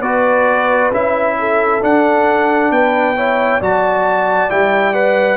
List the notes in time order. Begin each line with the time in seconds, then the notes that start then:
0.00 B3 F#4 B4 D5
0.91 C#4 E4 E5
1.39 A4
1.81 D4 F#5
2.71 B3 B4 G5
3.15 E4 C#5
3.59 F#3 F#4 D5 A5
4.49 G3 E4 G5
4.93 B4 F#5